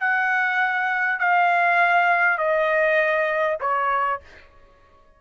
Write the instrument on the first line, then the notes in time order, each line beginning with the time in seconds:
trumpet
0.00 F#5
1.19 F5
2.38 D#5
3.60 C#5